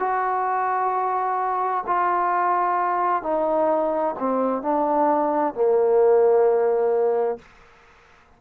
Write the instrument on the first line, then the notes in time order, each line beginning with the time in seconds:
trombone
0.00 F#4
1.87 F4
3.23 D#4
4.20 C4
4.63 D4
5.55 A#3